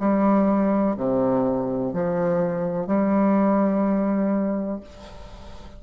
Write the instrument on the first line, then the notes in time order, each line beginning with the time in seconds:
bassoon
0.00 G3
0.97 C3
1.93 F3
2.87 G3